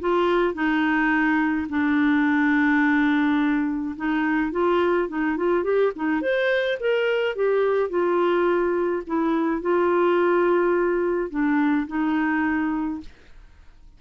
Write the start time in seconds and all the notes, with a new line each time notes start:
0.00 F4
0.54 D#4
1.69 D4
3.96 D#4
4.52 F4
5.08 D#4
5.37 F4
5.63 G4
5.95 D#4
6.21 C5
6.80 A#4
7.36 G4
7.90 F4
9.07 E4
9.61 F4
11.30 D4
11.87 D#4